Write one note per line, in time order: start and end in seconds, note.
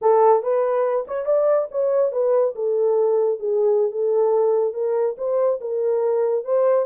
0.01 0.42 A4
0.42 1.06 B4
1.07 1.25 C#5
1.25 1.67 D5
1.71 2.12 C#5
2.12 2.54 B4
2.55 3.39 A4
3.39 3.91 G#4
3.91 4.73 A4
4.73 5.15 A#4
5.17 5.60 C5
5.60 6.44 A#4
6.44 6.85 C5